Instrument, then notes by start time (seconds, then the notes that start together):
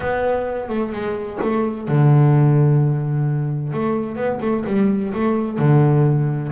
double bass
0.00 B3
0.69 A3
0.92 G#3
1.42 A3
1.88 D3
3.72 A3
4.16 B3
4.41 A3
4.66 G3
5.13 A3
5.58 D3